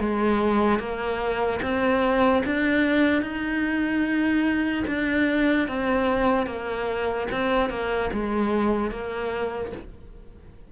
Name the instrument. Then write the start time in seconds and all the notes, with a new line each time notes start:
cello
0.00 G#3
0.79 A#3
1.62 C4
2.46 D4
3.22 D#4
4.88 D4
5.68 C4
6.47 A#3
7.32 C4
7.70 A#3
8.13 G#3
8.91 A#3